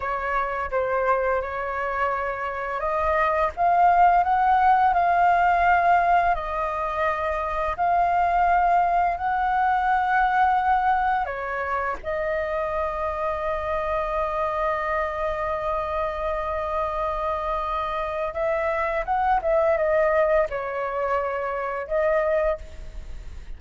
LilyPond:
\new Staff \with { instrumentName = "flute" } { \time 4/4 \tempo 4 = 85 cis''4 c''4 cis''2 | dis''4 f''4 fis''4 f''4~ | f''4 dis''2 f''4~ | f''4 fis''2. |
cis''4 dis''2.~ | dis''1~ | dis''2 e''4 fis''8 e''8 | dis''4 cis''2 dis''4 | }